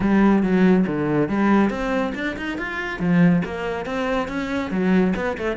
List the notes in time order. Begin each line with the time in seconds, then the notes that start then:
0.00 G3
0.42 F#3
0.86 D3
1.28 G3
1.69 C4
2.14 D4
2.36 D#4
2.58 F4
2.99 F3
3.44 A#3
3.85 C4
4.28 C#4
4.70 F#3
5.15 B3
5.37 A3